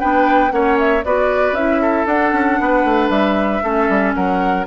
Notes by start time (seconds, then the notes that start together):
0.00 B3 D4 B4 G5
0.50 A#3 C#4 C#5 F#5
0.78 E5
1.04 B3 F#4 B4 D5
1.52 C#4 E4 E5
1.81 A4
2.06 D4 F#5
2.32 C#4
2.60 B3 B4
2.84 A3
3.09 G3 E5
3.63 A3 C#4 A4
3.89 G3
4.14 F#3 A#4 F#5